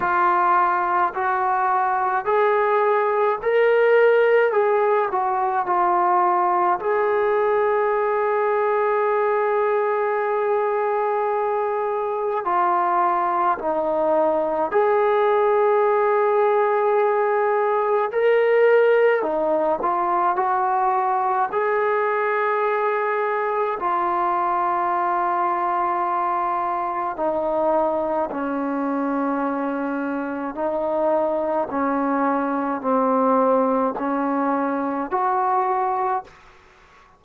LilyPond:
\new Staff \with { instrumentName = "trombone" } { \time 4/4 \tempo 4 = 53 f'4 fis'4 gis'4 ais'4 | gis'8 fis'8 f'4 gis'2~ | gis'2. f'4 | dis'4 gis'2. |
ais'4 dis'8 f'8 fis'4 gis'4~ | gis'4 f'2. | dis'4 cis'2 dis'4 | cis'4 c'4 cis'4 fis'4 | }